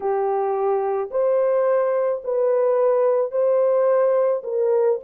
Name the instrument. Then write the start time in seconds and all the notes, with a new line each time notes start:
horn
0.00 G4
1.11 C5
2.24 B4
3.31 C5
4.43 A#4